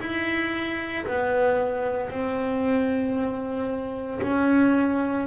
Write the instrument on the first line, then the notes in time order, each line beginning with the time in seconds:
double bass
0.00 E4
1.06 B3
2.10 C4
4.22 C#4